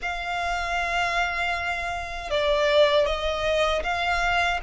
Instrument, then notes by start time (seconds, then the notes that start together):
violin
0.01 F5
2.30 D5
3.06 D#5
3.83 F5